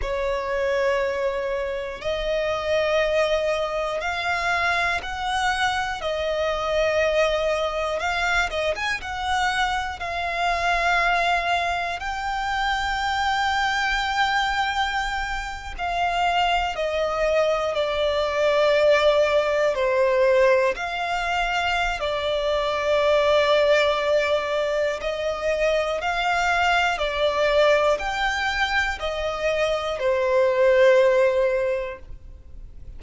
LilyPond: \new Staff \with { instrumentName = "violin" } { \time 4/4 \tempo 4 = 60 cis''2 dis''2 | f''4 fis''4 dis''2 | f''8 dis''16 gis''16 fis''4 f''2 | g''2.~ g''8. f''16~ |
f''8. dis''4 d''2 c''16~ | c''8. f''4~ f''16 d''2~ | d''4 dis''4 f''4 d''4 | g''4 dis''4 c''2 | }